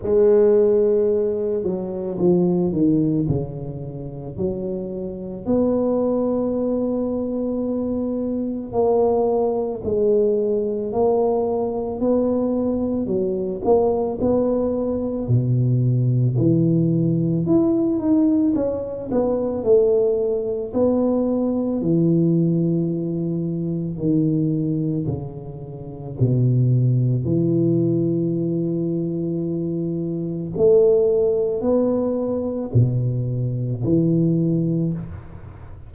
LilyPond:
\new Staff \with { instrumentName = "tuba" } { \time 4/4 \tempo 4 = 55 gis4. fis8 f8 dis8 cis4 | fis4 b2. | ais4 gis4 ais4 b4 | fis8 ais8 b4 b,4 e4 |
e'8 dis'8 cis'8 b8 a4 b4 | e2 dis4 cis4 | b,4 e2. | a4 b4 b,4 e4 | }